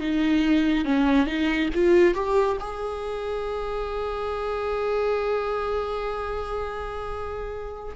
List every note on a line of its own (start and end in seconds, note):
0.00 0.85 D#4
0.85 1.26 C#4
1.26 1.69 D#4
1.75 2.14 F4
2.14 2.57 G4
2.60 7.96 G#4